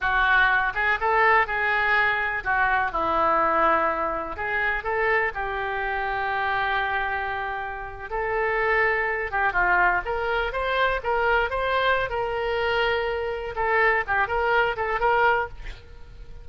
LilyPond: \new Staff \with { instrumentName = "oboe" } { \time 4/4 \tempo 4 = 124 fis'4. gis'8 a'4 gis'4~ | gis'4 fis'4 e'2~ | e'4 gis'4 a'4 g'4~ | g'1~ |
g'8. a'2~ a'8 g'8 f'16~ | f'8. ais'4 c''4 ais'4 c''16~ | c''4 ais'2. | a'4 g'8 ais'4 a'8 ais'4 | }